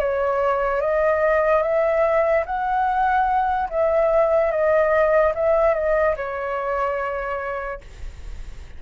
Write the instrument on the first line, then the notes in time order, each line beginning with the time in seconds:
flute
0.00 C#5
0.81 D#5
1.63 E5
2.46 F#5
3.70 E5
4.51 D#5
5.35 E5
5.74 D#5
6.17 C#5